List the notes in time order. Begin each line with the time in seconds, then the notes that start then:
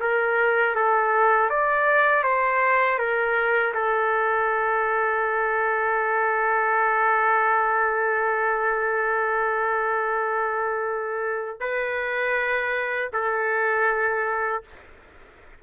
0.00 A#4
0.75 A4
1.50 D5
2.23 C5
2.98 A#4
3.74 A4
11.60 B4
13.13 A4